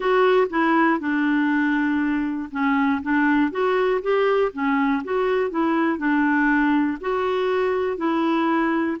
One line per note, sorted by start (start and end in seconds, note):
0.00 0.47 F#4
0.50 1.00 E4
1.00 2.50 D4
2.51 3.01 C#4
3.02 3.51 D4
3.51 4.01 F#4
4.01 4.51 G4
4.53 5.03 C#4
5.04 5.50 F#4
5.50 5.98 E4
5.98 6.98 D4
7.00 7.97 F#4
7.97 8.97 E4